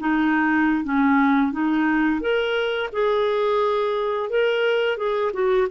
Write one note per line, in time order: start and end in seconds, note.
0.00 0.85 D#4
0.85 1.52 C#4
1.52 2.21 D#4
2.21 2.90 A#4
2.93 4.30 G#4
4.30 4.98 A#4
4.98 5.32 G#4
5.34 5.68 F#4